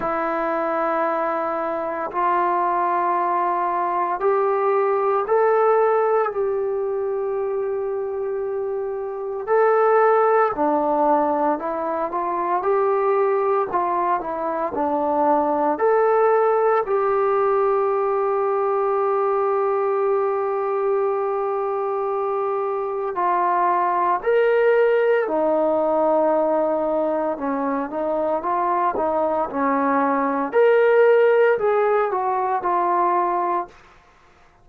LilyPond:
\new Staff \with { instrumentName = "trombone" } { \time 4/4 \tempo 4 = 57 e'2 f'2 | g'4 a'4 g'2~ | g'4 a'4 d'4 e'8 f'8 | g'4 f'8 e'8 d'4 a'4 |
g'1~ | g'2 f'4 ais'4 | dis'2 cis'8 dis'8 f'8 dis'8 | cis'4 ais'4 gis'8 fis'8 f'4 | }